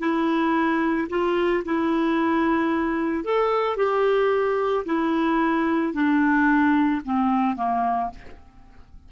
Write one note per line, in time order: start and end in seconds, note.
0.00 1.08 E4
1.10 1.64 F4
1.66 3.25 E4
3.25 3.77 A4
3.77 4.85 G4
4.86 5.94 E4
5.94 7.02 D4
7.05 7.57 C4
7.57 8.11 A#3